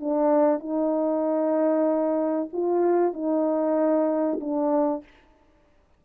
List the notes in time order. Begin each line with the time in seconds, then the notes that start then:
0.00 D4
0.59 D#4
2.53 F4
3.13 D#4
4.40 D4